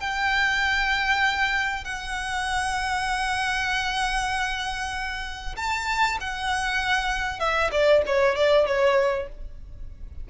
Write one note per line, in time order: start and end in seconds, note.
0.00 1.84 G5
1.84 5.56 F#5
5.56 6.18 A5
6.21 7.40 F#5
7.40 7.71 E5
7.72 8.02 D5
8.06 8.36 C#5
8.36 8.67 D5
8.67 9.28 C#5